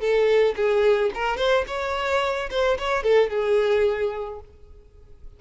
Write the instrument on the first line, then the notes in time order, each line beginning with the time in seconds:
violin
0.00 A4
0.56 G#4
1.14 A#4
1.37 C5
1.67 C#5
2.50 C5
2.78 C#5
3.03 A4
3.30 G#4